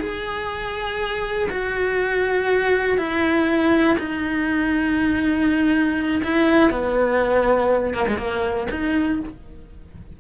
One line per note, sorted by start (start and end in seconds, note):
0.00 1.49 G#4
1.50 2.98 F#4
2.98 3.97 E4
3.99 6.22 D#4
6.24 6.71 E4
6.71 7.94 B3
7.94 8.06 A#3
8.08 8.18 G#3
8.18 8.68 A#3
8.71 9.21 D#4